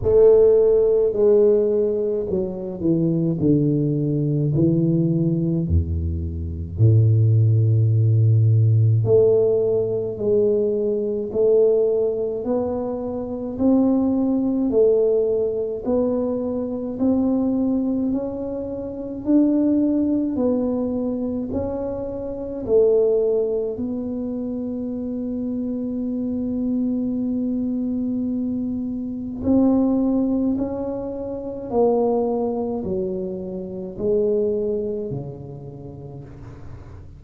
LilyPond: \new Staff \with { instrumentName = "tuba" } { \time 4/4 \tempo 4 = 53 a4 gis4 fis8 e8 d4 | e4 e,4 a,2 | a4 gis4 a4 b4 | c'4 a4 b4 c'4 |
cis'4 d'4 b4 cis'4 | a4 b2.~ | b2 c'4 cis'4 | ais4 fis4 gis4 cis4 | }